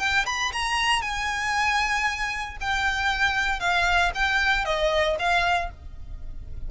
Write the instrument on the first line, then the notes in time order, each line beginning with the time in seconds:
violin
0.00 G5
0.26 B5
0.53 A#5
1.02 G#5
2.61 G5
3.60 F5
4.15 G5
4.66 D#5
5.19 F5